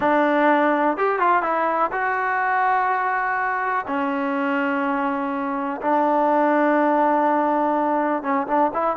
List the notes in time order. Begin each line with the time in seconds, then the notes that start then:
0.00 D4
0.97 G4
1.19 F4
1.42 E4
1.92 F#4
3.87 C#4
5.81 D4
8.22 C#4
8.47 D4
8.73 E4